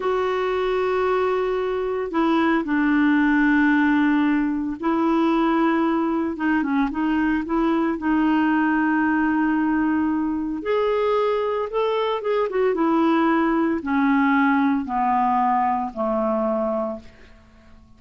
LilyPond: \new Staff \with { instrumentName = "clarinet" } { \time 4/4 \tempo 4 = 113 fis'1 | e'4 d'2.~ | d'4 e'2. | dis'8 cis'8 dis'4 e'4 dis'4~ |
dis'1 | gis'2 a'4 gis'8 fis'8 | e'2 cis'2 | b2 a2 | }